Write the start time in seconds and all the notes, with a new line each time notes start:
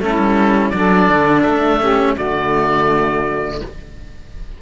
0.00 A3 C#4 E4 A4
0.19 G3
0.70 F#3 D4 A4 D5
1.10 D3
1.43 A3 E5
1.81 C#4 G4
2.15 D3 A3 F#4 D5